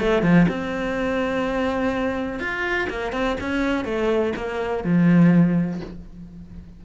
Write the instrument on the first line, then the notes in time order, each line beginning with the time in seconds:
cello
0.00 A3
0.23 F3
0.49 C4
2.40 F4
2.90 A#3
3.13 C4
3.41 C#4
3.85 A3
4.36 A#3
4.84 F3